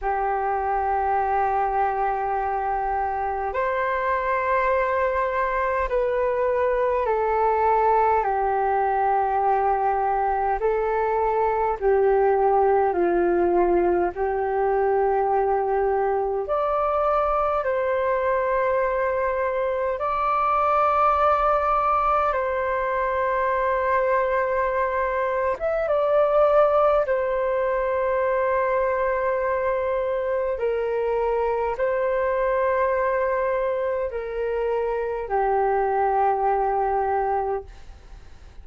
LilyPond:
\new Staff \with { instrumentName = "flute" } { \time 4/4 \tempo 4 = 51 g'2. c''4~ | c''4 b'4 a'4 g'4~ | g'4 a'4 g'4 f'4 | g'2 d''4 c''4~ |
c''4 d''2 c''4~ | c''4.~ c''16 e''16 d''4 c''4~ | c''2 ais'4 c''4~ | c''4 ais'4 g'2 | }